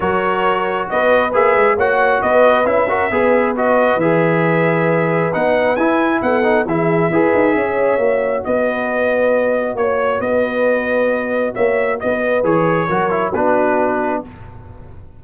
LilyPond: <<
  \new Staff \with { instrumentName = "trumpet" } { \time 4/4 \tempo 4 = 135 cis''2 dis''4 e''4 | fis''4 dis''4 e''2 | dis''4 e''2. | fis''4 gis''4 fis''4 e''4~ |
e''2. dis''4~ | dis''2 cis''4 dis''4~ | dis''2 e''4 dis''4 | cis''2 b'2 | }
  \new Staff \with { instrumentName = "horn" } { \time 4/4 ais'2 b'2 | cis''4 b'4. ais'8 b'4~ | b'1~ | b'2 a'4 gis'4 |
b'4 cis''2 b'4~ | b'2 cis''4 b'4~ | b'2 cis''4 b'4~ | b'4 ais'4 fis'2 | }
  \new Staff \with { instrumentName = "trombone" } { \time 4/4 fis'2. gis'4 | fis'2 e'8 fis'8 gis'4 | fis'4 gis'2. | dis'4 e'4. dis'8 e'4 |
gis'2 fis'2~ | fis'1~ | fis'1 | gis'4 fis'8 e'8 d'2 | }
  \new Staff \with { instrumentName = "tuba" } { \time 4/4 fis2 b4 ais8 gis8 | ais4 b4 cis'4 b4~ | b4 e2. | b4 e'4 b4 e4 |
e'8 dis'8 cis'4 ais4 b4~ | b2 ais4 b4~ | b2 ais4 b4 | e4 fis4 b2 | }
>>